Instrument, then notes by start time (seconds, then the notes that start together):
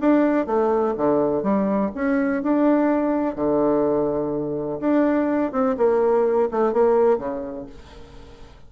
bassoon
0.00 D4
0.46 A3
0.97 D3
1.42 G3
1.94 C#4
2.42 D4
3.35 D3
4.80 D4
5.52 C4
5.77 A#3
6.51 A3
6.72 A#3
7.17 C#3